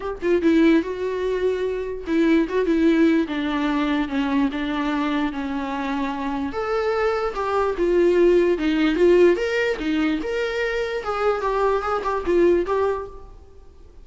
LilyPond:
\new Staff \with { instrumentName = "viola" } { \time 4/4 \tempo 4 = 147 g'8 f'8 e'4 fis'2~ | fis'4 e'4 fis'8 e'4. | d'2 cis'4 d'4~ | d'4 cis'2. |
a'2 g'4 f'4~ | f'4 dis'4 f'4 ais'4 | dis'4 ais'2 gis'4 | g'4 gis'8 g'8 f'4 g'4 | }